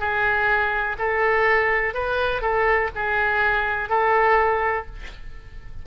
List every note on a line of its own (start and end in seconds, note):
0.00 0.97 G#4
0.99 1.94 A4
1.94 2.42 B4
2.42 2.90 A4
2.96 3.90 G#4
3.90 4.87 A4